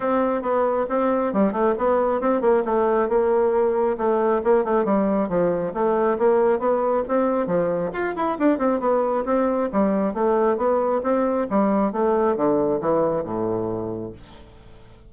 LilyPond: \new Staff \with { instrumentName = "bassoon" } { \time 4/4 \tempo 4 = 136 c'4 b4 c'4 g8 a8 | b4 c'8 ais8 a4 ais4~ | ais4 a4 ais8 a8 g4 | f4 a4 ais4 b4 |
c'4 f4 f'8 e'8 d'8 c'8 | b4 c'4 g4 a4 | b4 c'4 g4 a4 | d4 e4 a,2 | }